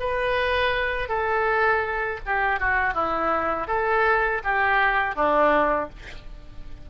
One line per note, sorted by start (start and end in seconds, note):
0.00 1.09 B4
1.09 2.20 A4
2.26 2.60 G4
2.60 2.94 F#4
2.94 3.68 E4
3.68 4.42 A4
4.44 5.15 G4
5.15 5.90 D4